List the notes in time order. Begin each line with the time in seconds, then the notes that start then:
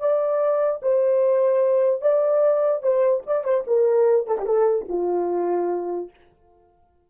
0.00 D5
0.82 C5
2.02 D5
2.83 C5
3.27 D5
3.44 C5
3.67 A#4
4.28 A4
4.39 G4
4.46 A4
4.89 F4